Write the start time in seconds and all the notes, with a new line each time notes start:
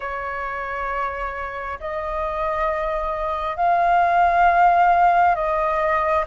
0.00 C#5
1.80 D#5
3.56 F5
5.35 D#5